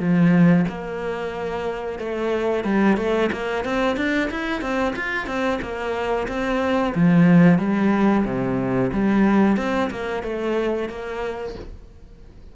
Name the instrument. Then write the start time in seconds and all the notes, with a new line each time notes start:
cello
0.00 F3
0.69 A#3
1.99 A3
2.65 G3
2.97 A3
3.33 A#3
3.65 C4
3.97 D4
4.31 E4
4.62 C4
4.96 F4
5.27 C4
5.62 A#3
6.28 C4
6.95 F3
7.59 G3
8.25 C3
8.93 G3
9.58 C4
9.91 A#3
10.23 A3
10.89 A#3